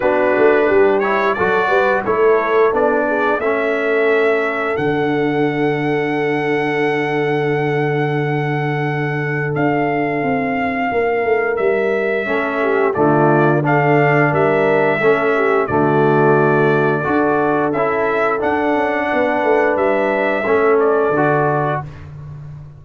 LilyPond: <<
  \new Staff \with { instrumentName = "trumpet" } { \time 4/4 \tempo 4 = 88 b'4. cis''8 d''4 cis''4 | d''4 e''2 fis''4~ | fis''1~ | fis''2 f''2~ |
f''4 e''2 d''4 | f''4 e''2 d''4~ | d''2 e''4 fis''4~ | fis''4 e''4. d''4. | }
  \new Staff \with { instrumentName = "horn" } { \time 4/4 fis'4 g'4 a'8 b'8 a'4~ | a'8 gis'8 a'2.~ | a'1~ | a'1 |
ais'2 a'8 g'8 f'4 | a'4 ais'4 a'8 g'8 fis'4~ | fis'4 a'2. | b'2 a'2 | }
  \new Staff \with { instrumentName = "trombone" } { \time 4/4 d'4. e'8 fis'4 e'4 | d'4 cis'2 d'4~ | d'1~ | d'1~ |
d'2 cis'4 a4 | d'2 cis'4 a4~ | a4 fis'4 e'4 d'4~ | d'2 cis'4 fis'4 | }
  \new Staff \with { instrumentName = "tuba" } { \time 4/4 b8 a8 g4 fis8 g8 a4 | b4 a2 d4~ | d1~ | d2 d'4 c'4 |
ais8 a8 g4 a4 d4~ | d4 g4 a4 d4~ | d4 d'4 cis'4 d'8 cis'8 | b8 a8 g4 a4 d4 | }
>>